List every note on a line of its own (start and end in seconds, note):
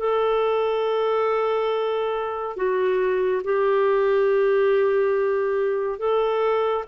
0.00 2.57 A4
2.57 3.42 F#4
3.44 5.99 G4
5.99 6.85 A4